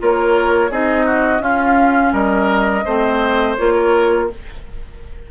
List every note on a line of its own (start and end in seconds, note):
0.00 0.71 A#3
0.00 0.71 F4
0.00 0.71 A#4
0.00 0.72 C#5
0.71 1.40 C4
0.71 1.40 D#4
0.71 1.06 G#4
0.71 1.42 D#5
1.06 1.42 F#4
1.40 2.83 C#4
1.40 2.12 C#4
1.40 2.13 F4
1.40 2.14 F5
2.13 2.84 G3
2.13 2.85 A#4
2.13 3.57 D#5
2.85 3.57 A3
2.85 3.58 C4
2.85 3.74 C5
3.57 4.31 A#3
3.57 4.30 F4
3.57 4.28 C#5
3.75 4.28 A#4